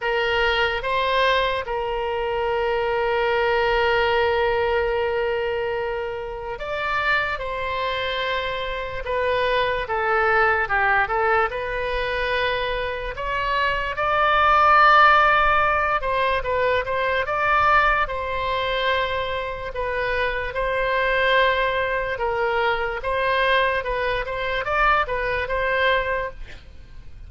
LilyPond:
\new Staff \with { instrumentName = "oboe" } { \time 4/4 \tempo 4 = 73 ais'4 c''4 ais'2~ | ais'1 | d''4 c''2 b'4 | a'4 g'8 a'8 b'2 |
cis''4 d''2~ d''8 c''8 | b'8 c''8 d''4 c''2 | b'4 c''2 ais'4 | c''4 b'8 c''8 d''8 b'8 c''4 | }